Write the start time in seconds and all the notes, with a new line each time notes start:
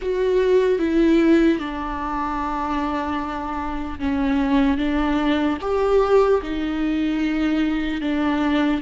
0.01 F#4
0.79 E4
1.58 D4
3.99 C#4
4.77 D4
5.61 G4
6.42 D#4
8.01 D4